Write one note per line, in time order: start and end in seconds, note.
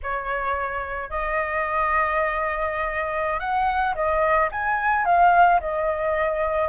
0.02 1.10 C#5
1.10 3.39 D#5
3.39 3.94 F#5
3.94 4.49 D#5
4.51 5.05 G#5
5.05 5.59 F5
5.60 6.68 D#5